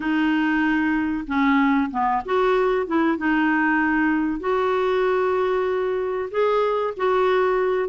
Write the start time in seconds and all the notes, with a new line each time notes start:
0.00 D#4
1.27 C#4
1.91 B3
2.24 F#4
2.87 E4
3.17 D#4
4.40 F#4
6.30 G#4
6.96 F#4